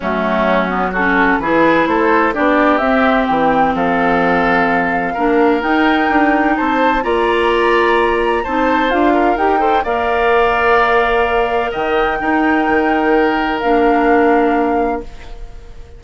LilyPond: <<
  \new Staff \with { instrumentName = "flute" } { \time 4/4 \tempo 4 = 128 fis'2 a'4 b'4 | c''4 d''4 e''4 g''4 | f''1 | g''2 a''4 ais''4~ |
ais''2 a''4 f''4 | g''4 f''2.~ | f''4 g''2.~ | g''4 f''2. | }
  \new Staff \with { instrumentName = "oboe" } { \time 4/4 cis'2 fis'4 gis'4 | a'4 g'2. | a'2. ais'4~ | ais'2 c''4 d''4~ |
d''2 c''4. ais'8~ | ais'8 c''8 d''2.~ | d''4 dis''4 ais'2~ | ais'1 | }
  \new Staff \with { instrumentName = "clarinet" } { \time 4/4 a4. b8 cis'4 e'4~ | e'4 d'4 c'2~ | c'2. d'4 | dis'2. f'4~ |
f'2 dis'4 f'4 | g'8 a'8 ais'2.~ | ais'2 dis'2~ | dis'4 d'2. | }
  \new Staff \with { instrumentName = "bassoon" } { \time 4/4 fis2. e4 | a4 b4 c'4 e4 | f2. ais4 | dis'4 d'4 c'4 ais4~ |
ais2 c'4 d'4 | dis'4 ais2.~ | ais4 dis4 dis'4 dis4~ | dis4 ais2. | }
>>